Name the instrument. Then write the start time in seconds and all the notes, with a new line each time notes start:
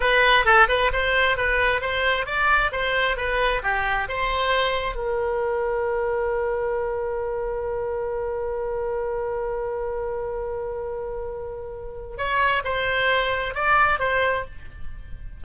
oboe
0.00 B4
0.45 A4
0.68 B4
0.92 C5
1.37 B4
1.81 C5
2.26 D5
2.71 C5
3.16 B4
3.63 G4
4.08 C5
4.95 A#4
12.17 C#5
12.64 C5
13.54 D5
13.99 C5